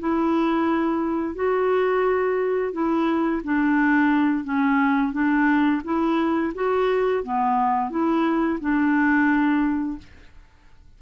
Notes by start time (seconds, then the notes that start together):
0.00 E4
1.35 F#4
2.73 E4
3.45 D4
4.45 C#4
5.13 D4
5.85 E4
6.55 F#4
7.24 B3
7.91 E4
8.61 D4